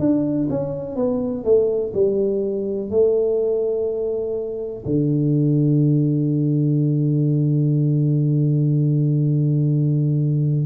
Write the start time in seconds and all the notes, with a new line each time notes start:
0.00 D4
0.51 C#4
0.96 B3
1.45 A3
1.94 G3
2.91 A3
4.86 D3